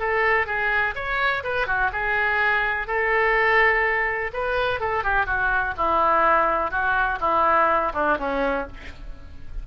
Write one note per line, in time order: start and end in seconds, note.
0.00 0.47 A4
0.47 0.95 G#4
0.96 1.44 C#5
1.44 1.67 B4
1.67 1.91 F#4
1.93 2.88 G#4
2.88 4.32 A4
4.34 4.81 B4
4.81 5.04 A4
5.04 5.27 G4
5.27 5.75 F#4
5.78 6.71 E4
6.71 7.19 F#4
7.21 7.93 E4
7.94 8.18 D4
8.19 8.67 C#4